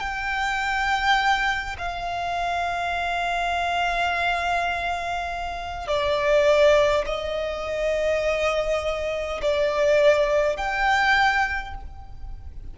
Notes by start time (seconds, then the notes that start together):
0.00 G5
1.79 F5
5.88 D5
7.06 D#5
9.42 D5
10.57 G5